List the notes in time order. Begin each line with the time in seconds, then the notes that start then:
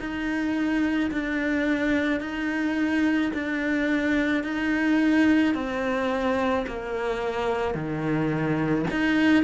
0.00 D#4
1.12 D4
2.21 D#4
3.34 D4
4.44 D#4
5.55 C4
6.67 A#3
7.75 D#3
8.91 D#4